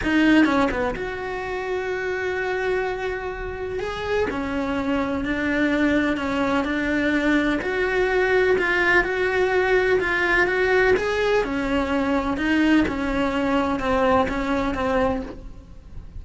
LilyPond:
\new Staff \with { instrumentName = "cello" } { \time 4/4 \tempo 4 = 126 dis'4 cis'8 b8 fis'2~ | fis'1 | gis'4 cis'2 d'4~ | d'4 cis'4 d'2 |
fis'2 f'4 fis'4~ | fis'4 f'4 fis'4 gis'4 | cis'2 dis'4 cis'4~ | cis'4 c'4 cis'4 c'4 | }